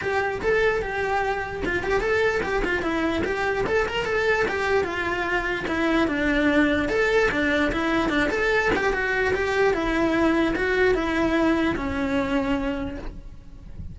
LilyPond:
\new Staff \with { instrumentName = "cello" } { \time 4/4 \tempo 4 = 148 g'4 a'4 g'2 | f'8 g'8 a'4 g'8 f'8 e'4 | g'4 a'8 ais'8 a'4 g'4 | f'2 e'4 d'4~ |
d'4 a'4 d'4 e'4 | d'8 a'4 g'8 fis'4 g'4 | e'2 fis'4 e'4~ | e'4 cis'2. | }